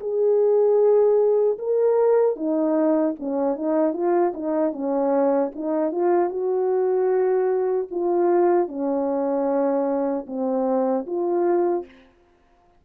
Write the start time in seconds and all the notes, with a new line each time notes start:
0.00 G#4
1.58 A#4
2.36 D#4
3.19 C#4
3.56 D#4
3.93 F4
4.34 D#4
4.72 C#4
5.55 D#4
5.92 F4
6.29 F#4
7.91 F4
8.68 C#4
10.27 C4
11.06 F4